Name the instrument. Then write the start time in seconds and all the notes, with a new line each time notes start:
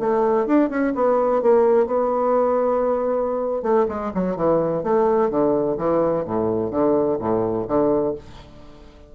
bassoon
0.00 A3
0.47 D4
0.70 C#4
0.95 B3
1.43 A#3
1.87 B3
3.63 A3
3.89 G#3
4.15 F#3
4.37 E3
4.84 A3
5.31 D3
5.78 E3
6.25 A2
6.71 D3
7.20 A2
7.68 D3